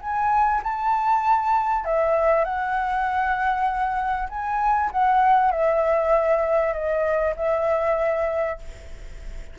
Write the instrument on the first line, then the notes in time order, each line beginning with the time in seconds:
flute
0.00 G#5
0.63 A5
1.84 E5
2.44 F#5
4.29 G#5
4.91 F#5
5.51 E5
6.73 D#5
7.36 E5